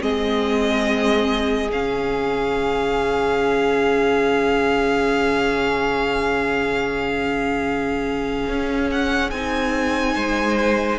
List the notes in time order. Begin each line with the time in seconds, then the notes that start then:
0.00 G#3 C4 G#4 D#5
1.69 C#3 C#4 F5
8.48 C#4
8.91 F#5
9.30 C4 D#4 G#5
10.14 G#3 C5